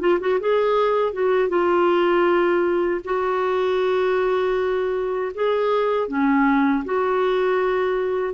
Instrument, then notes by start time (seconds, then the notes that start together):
clarinet
0.00 F4
0.20 F#4
0.40 G#4
1.13 F#4
1.49 F4
3.04 F#4
5.35 G#4
6.08 C#4
6.85 F#4